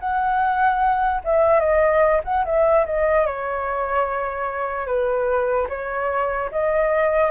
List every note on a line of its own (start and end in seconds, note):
0.00 1.22 F#5
1.25 1.60 E5
1.60 2.21 D#5
2.24 2.45 F#5
2.45 2.86 E5
2.86 3.27 D#5
3.27 4.87 C#5
4.87 5.68 B4
5.69 6.50 C#5
6.52 7.31 D#5